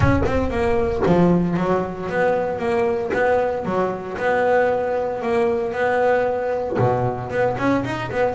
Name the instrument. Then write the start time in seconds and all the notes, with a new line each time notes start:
double bass
0.00 C#4
0.26 C4
0.50 A#3
1.06 F3
1.57 F#3
2.09 B3
2.58 A#3
3.13 B3
3.65 F#3
4.17 B3
5.22 A#3
5.72 B3
6.78 B2
7.30 B3
7.57 C#4
7.85 D#4
8.11 B3